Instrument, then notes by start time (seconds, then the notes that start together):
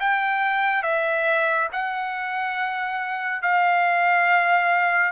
trumpet
0.00 G5
0.83 E5
1.73 F#5
3.42 F5